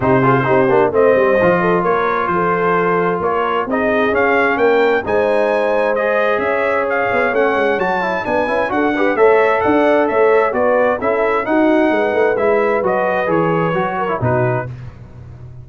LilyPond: <<
  \new Staff \with { instrumentName = "trumpet" } { \time 4/4 \tempo 4 = 131 c''2 dis''2 | cis''4 c''2 cis''4 | dis''4 f''4 g''4 gis''4~ | gis''4 dis''4 e''4 f''4 |
fis''4 a''4 gis''4 fis''4 | e''4 fis''4 e''4 d''4 | e''4 fis''2 e''4 | dis''4 cis''2 b'4 | }
  \new Staff \with { instrumentName = "horn" } { \time 4/4 g'8 gis'8 g'4 c''4. a'8 | ais'4 a'2 ais'4 | gis'2 ais'4 c''4~ | c''2 cis''2~ |
cis''2 b'4 a'8 b'8 | cis''4 d''4 cis''4 b'4 | a'4 fis'4 b'2~ | b'2~ b'8 ais'8 fis'4 | }
  \new Staff \with { instrumentName = "trombone" } { \time 4/4 dis'8 f'8 dis'8 d'8 c'4 f'4~ | f'1 | dis'4 cis'2 dis'4~ | dis'4 gis'2. |
cis'4 fis'8 e'8 d'8 e'8 fis'8 g'8 | a'2. fis'4 | e'4 dis'2 e'4 | fis'4 gis'4 fis'8. e'16 dis'4 | }
  \new Staff \with { instrumentName = "tuba" } { \time 4/4 c4 c'8 ais8 a8 g8 f4 | ais4 f2 ais4 | c'4 cis'4 ais4 gis4~ | gis2 cis'4. b8 |
a8 gis8 fis4 b8 cis'8 d'4 | a4 d'4 a4 b4 | cis'4 dis'4 gis8 a8 gis4 | fis4 e4 fis4 b,4 | }
>>